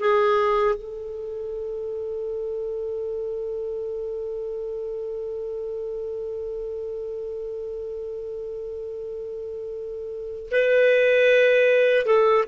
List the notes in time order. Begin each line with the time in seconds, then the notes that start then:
0.00 G#4
0.76 A4
10.51 B4
12.06 A4